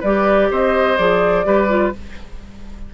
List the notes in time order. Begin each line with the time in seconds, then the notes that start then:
0.00 G3 G4 B4 D5
0.51 C4 C5 D#5
0.97 F3 G#4 D5
1.44 G3 G4 B4
1.68 F4